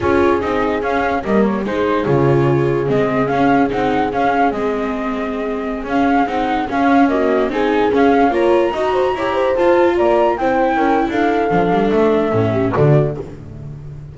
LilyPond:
<<
  \new Staff \with { instrumentName = "flute" } { \time 4/4 \tempo 4 = 146 cis''4 dis''4 f''4 dis''8 cis''8 | c''4 cis''2 dis''4 | f''4 fis''4 f''4 dis''4~ | dis''2~ dis''16 f''4 fis''8.~ |
fis''16 f''4 dis''4 gis''4 f''8.~ | f''16 ais''2. a''8.~ | a''16 ais''4 g''4.~ g''16 f''4~ | f''4 e''2 d''4 | }
  \new Staff \with { instrumentName = "horn" } { \time 4/4 gis'2. ais'4 | gis'1~ | gis'1~ | gis'1~ |
gis'4~ gis'16 fis'4 gis'4.~ gis'16~ | gis'16 cis''4 dis''8 c''8 cis''8 c''4~ c''16~ | c''16 d''4 c''4 ais'8. a'4~ | a'2~ a'8 g'8 fis'4 | }
  \new Staff \with { instrumentName = "viola" } { \time 4/4 f'4 dis'4 cis'4 ais4 | dis'4 f'2 c'4 | cis'4 dis'4 cis'4 c'4~ | c'2~ c'16 cis'4 dis'8.~ |
dis'16 cis'4 ais4 dis'4 cis'8.~ | cis'16 f'4 fis'4 g'4 f'8.~ | f'4~ f'16 e'2~ e'8. | d'2 cis'4 a4 | }
  \new Staff \with { instrumentName = "double bass" } { \time 4/4 cis'4 c'4 cis'4 g4 | gis4 cis2 gis4 | cis'4 c'4 cis'4 gis4~ | gis2~ gis16 cis'4 c'8.~ |
c'16 cis'2 c'4 cis'8.~ | cis'16 ais4 dis'4 e'4 f'8.~ | f'16 ais4 c'4 cis'8. d'4 | f8 g8 a4 a,4 d4 | }
>>